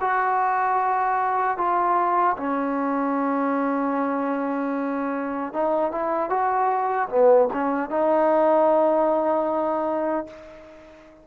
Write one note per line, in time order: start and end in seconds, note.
0.00 1.57 F#4
1.57 2.36 F4
2.37 5.53 C#4
5.53 5.91 D#4
5.91 6.29 E4
6.29 7.08 F#4
7.09 7.48 B3
7.53 7.89 C#4
7.89 10.26 D#4